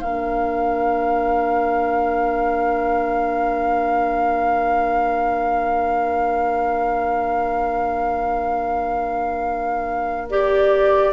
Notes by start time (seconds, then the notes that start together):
0.00 A#3 D4 A#4 F5
10.29 G4 D5